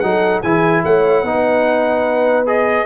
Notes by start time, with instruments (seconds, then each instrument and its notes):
0.00 tuba F#3, trombone D#4, horn A4, trumpet F#5
0.42 tuba E3, trombone E4, horn G#4, trumpet G#5
0.84 tuba A3, horn C#5, trumpet F#5
1.23 tuba B3, trombone D#4, horn B4
2.46 trombone G#4, trumpet D#5